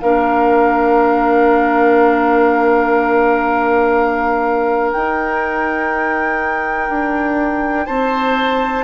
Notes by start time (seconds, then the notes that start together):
0.00 A#3 D4 A#4 F5
4.91 D#4 G5
6.89 D4
7.86 C4 C5 A5